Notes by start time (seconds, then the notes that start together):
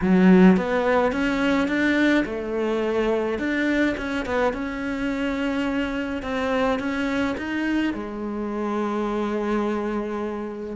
0.01 F#3
0.57 B3
1.12 C#4
1.67 D4
2.25 A3
3.38 D4
3.97 C#4
4.25 B3
4.53 C#4
6.22 C4
6.79 C#4
7.37 D#4
7.93 G#3